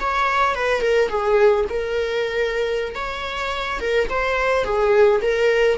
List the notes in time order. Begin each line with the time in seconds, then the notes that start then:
0.00 C#5
0.55 B4
0.81 A#4
1.08 G#4
1.69 A#4
2.95 C#5
3.80 A#4
4.09 C5
4.64 G#4
5.22 A#4